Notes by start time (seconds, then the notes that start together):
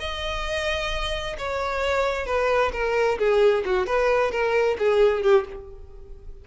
0.00 D#5
1.38 C#5
2.26 B4
2.73 A#4
3.19 G#4
3.65 F#4
3.87 B4
4.32 A#4
4.79 G#4
5.23 G4